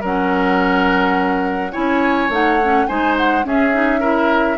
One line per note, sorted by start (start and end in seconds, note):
0.00 1.74 F#3
0.00 1.72 C#4
0.00 1.71 A#4
0.00 1.73 F#5
1.72 2.29 C#4
1.72 2.29 E4
1.72 2.86 C#5
1.72 2.30 G#5
2.29 2.86 A3
2.29 2.60 D#4
2.29 2.86 F#5
2.64 2.88 C#4
2.86 3.44 G#3
2.86 3.43 D#4
2.86 3.45 C5
2.86 3.15 G#5
3.17 3.46 F#5
3.43 3.72 C#4
3.43 4.58 C#4
3.43 4.00 G#4
3.43 4.58 E5
3.72 4.01 D#4
4.00 4.58 E4
4.00 4.57 A#4